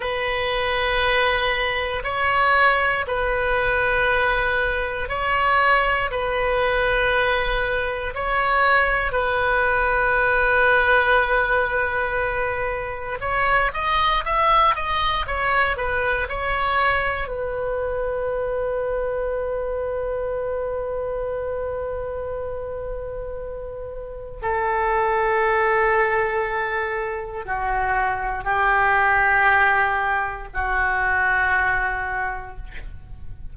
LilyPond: \new Staff \with { instrumentName = "oboe" } { \time 4/4 \tempo 4 = 59 b'2 cis''4 b'4~ | b'4 cis''4 b'2 | cis''4 b'2.~ | b'4 cis''8 dis''8 e''8 dis''8 cis''8 b'8 |
cis''4 b'2.~ | b'1 | a'2. fis'4 | g'2 fis'2 | }